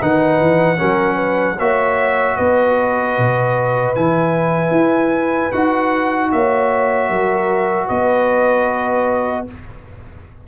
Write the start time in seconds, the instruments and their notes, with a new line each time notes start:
0.00 tuba D#3, trombone D#4, horn B4, trumpet F#5
0.40 tuba E3
0.77 tuba F#3, trombone C#4, horn A#4
1.15 horn B4
1.58 tuba A#3, trombone F#4, horn C#5, trumpet E5
2.36 tuba B3, horn B4, trumpet D#5
3.18 tuba B2
3.95 tuba E3, trombone E4, trumpet G#5
4.71 tuba E4
5.52 tuba D#4, trombone F#4, trumpet F#5
6.31 tuba A#3, horn C#5, trumpet E5
7.09 tuba F#3, horn A#4
7.87 tuba B3, horn B4, trumpet D#5